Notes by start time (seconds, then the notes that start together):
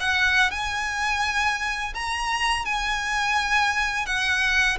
0.00 F#5
0.51 G#5
1.94 A#5
2.65 G#5
4.06 F#5